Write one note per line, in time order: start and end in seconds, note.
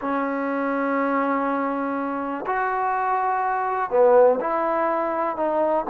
0.01 2.45 C#4
2.46 3.90 F#4
3.90 4.39 B3
4.40 5.36 E4
5.36 5.85 D#4